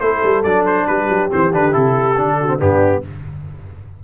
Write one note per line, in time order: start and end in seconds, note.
0.00 0.21 A3
0.00 0.45 E4
0.00 0.87 A4
0.00 0.43 C5
0.23 0.45 G3
0.43 0.87 F#3
0.43 1.30 D4
0.43 0.65 D5
0.66 0.87 C5
0.87 1.09 G3
0.87 2.38 G4
0.87 1.30 B4
1.09 1.30 F#3
1.30 1.54 E3
1.30 1.51 C4
1.30 1.53 C5
1.53 1.75 D3
1.53 1.72 D4
1.53 1.74 B4
1.72 2.18 C3
1.72 2.14 E4
1.72 2.60 A4
2.17 2.61 D3
2.17 2.48 D4
2.40 2.60 F#4
2.48 2.58 C4
2.59 3.04 G2
2.59 3.02 B3
2.59 3.03 D4
2.59 3.04 G4